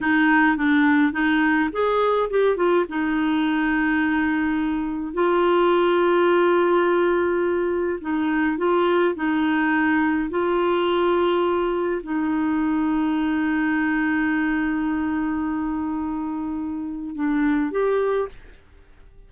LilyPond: \new Staff \with { instrumentName = "clarinet" } { \time 4/4 \tempo 4 = 105 dis'4 d'4 dis'4 gis'4 | g'8 f'8 dis'2.~ | dis'4 f'2.~ | f'2 dis'4 f'4 |
dis'2 f'2~ | f'4 dis'2.~ | dis'1~ | dis'2 d'4 g'4 | }